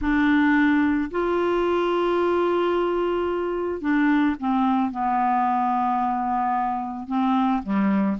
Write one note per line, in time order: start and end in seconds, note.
0.01 1.10 D4
1.10 3.81 F4
3.81 4.35 D4
4.39 4.91 C4
4.91 7.07 B3
7.07 7.62 C4
7.62 8.17 G3